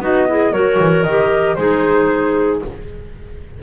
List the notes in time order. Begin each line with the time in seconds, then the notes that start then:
0.00 B3 D#4 F#4 D#5
0.27 E4 G#4
0.52 F#3 F#4 A#4 C#5
0.79 E3
1.03 D#3 G4 D#5
1.55 G#3 D#4 G#4 C5